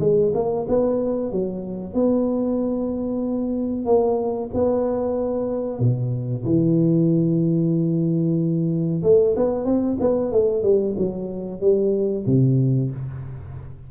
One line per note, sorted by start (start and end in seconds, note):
0.00 0.32 G#3
0.34 0.66 A#3
0.68 1.32 B3
1.32 1.94 F#3
1.94 3.85 B3
3.85 4.50 A#3
4.54 5.80 B3
5.80 6.44 B2
6.45 9.03 E3
9.03 9.35 A3
9.36 9.65 B3
9.65 9.97 C4
10.00 10.32 B3
10.32 10.63 A3
10.63 10.95 G3
10.98 11.61 F#3
11.61 12.25 G3
12.26 12.91 C3